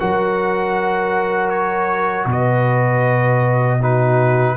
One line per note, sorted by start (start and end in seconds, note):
0.00 2.26 F#3
0.00 3.80 F#4
0.00 2.28 A#4
0.00 1.50 F#5
1.50 2.26 C#5
2.26 4.54 B2
2.26 3.79 B4
2.26 3.83 D#5
3.79 4.57 D#4
3.79 4.55 F#4
3.79 4.57 B4